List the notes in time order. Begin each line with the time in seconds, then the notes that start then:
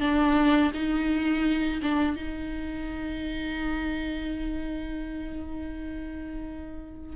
0.00 D4
0.74 D#4
1.82 D4
2.16 D#4